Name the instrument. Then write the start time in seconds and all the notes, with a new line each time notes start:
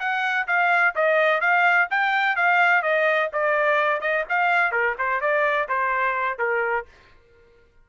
trumpet
0.00 F#5
0.47 F5
0.95 D#5
1.41 F5
1.90 G5
2.36 F5
2.83 D#5
3.33 D5
4.01 D#5
4.30 F5
4.72 A#4
4.99 C5
5.21 D5
5.69 C5
6.39 A#4